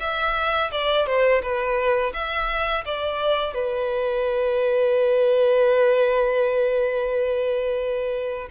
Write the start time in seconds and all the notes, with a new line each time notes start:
0.00 E5
0.72 D5
1.06 C5
1.42 B4
2.14 E5
2.85 D5
3.54 B4